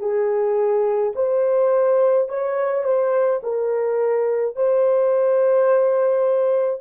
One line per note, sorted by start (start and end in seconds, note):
0.00 1.13 G#4
1.16 2.29 C5
2.29 2.84 C#5
2.84 3.41 C5
3.43 4.56 A#4
4.56 6.81 C5